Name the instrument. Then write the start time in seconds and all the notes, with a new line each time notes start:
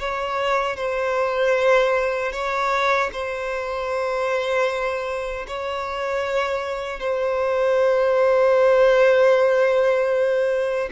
violin
0.00 C#5
0.77 C5
2.33 C#5
3.13 C5
5.48 C#5
7.00 C5